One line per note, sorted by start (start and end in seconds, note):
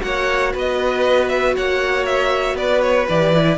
0.00 0.54 A#3
0.00 3.05 F#4
0.00 0.53 C#5
0.00 0.53 F#5
0.53 1.56 B3
0.53 1.54 B4
0.53 1.28 D#5
1.28 1.54 E5
1.56 2.54 A#3
1.56 2.56 C#5
1.56 2.05 F#5
2.05 2.56 E5
2.54 3.05 B3
2.54 3.58 B4
2.54 2.81 D5
2.81 3.07 C#5
3.09 3.58 E3
3.09 3.34 G4
3.09 3.58 D5
3.34 3.58 E4